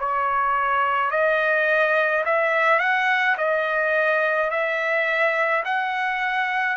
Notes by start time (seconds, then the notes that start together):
0.00 C#5
1.12 D#5
2.25 E5
2.80 F#5
3.38 D#5
4.51 E5
5.65 F#5